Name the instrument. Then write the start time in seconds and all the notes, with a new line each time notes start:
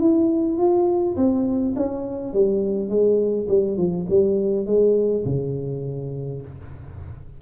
tuba
0.00 E4
0.58 F4
1.17 C4
1.76 C#4
2.34 G3
2.89 G#3
3.48 G3
3.77 F3
4.09 G3
4.66 G#3
5.25 C#3